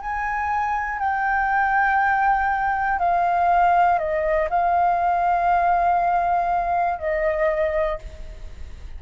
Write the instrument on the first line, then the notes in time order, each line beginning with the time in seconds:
flute
0.00 G#5
0.99 G5
2.99 F5
3.99 D#5
4.49 F5
6.98 D#5